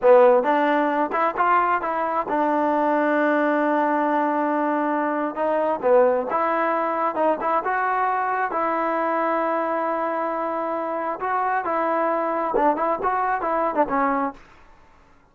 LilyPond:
\new Staff \with { instrumentName = "trombone" } { \time 4/4 \tempo 4 = 134 b4 d'4. e'8 f'4 | e'4 d'2.~ | d'1 | dis'4 b4 e'2 |
dis'8 e'8 fis'2 e'4~ | e'1~ | e'4 fis'4 e'2 | d'8 e'8 fis'4 e'8. d'16 cis'4 | }